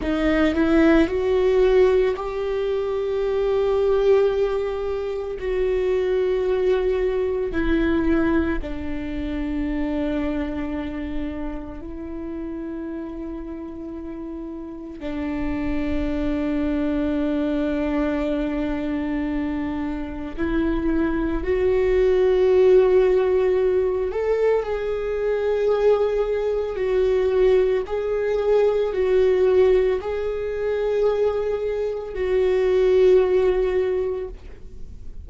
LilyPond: \new Staff \with { instrumentName = "viola" } { \time 4/4 \tempo 4 = 56 dis'8 e'8 fis'4 g'2~ | g'4 fis'2 e'4 | d'2. e'4~ | e'2 d'2~ |
d'2. e'4 | fis'2~ fis'8 a'8 gis'4~ | gis'4 fis'4 gis'4 fis'4 | gis'2 fis'2 | }